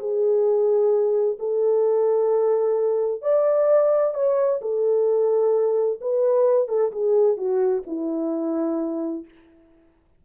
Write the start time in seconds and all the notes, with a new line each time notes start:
0.00 G#4
1.40 A4
3.22 D5
4.15 C#5
4.62 A4
6.02 B4
6.69 A4
6.93 G#4
7.37 F#4
7.87 E4